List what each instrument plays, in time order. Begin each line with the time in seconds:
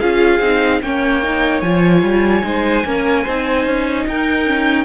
0.00 cello C#4, viola F4, violin G#4 F5
0.40 cello C4, viola D#4
0.83 cello A#3, viola C#4, violin C#5 G5
1.23 viola D#4
1.61 cello F3, viola F4, violin G#5
2.03 cello G3
2.44 cello G#3, viola D#4, violin C5
2.85 cello A#3, viola C#4, violin A#4
3.23 cello C4, viola D#4, violin C5
3.66 cello C#4
4.08 cello D#4, violin A#4 G5
4.47 viola C#4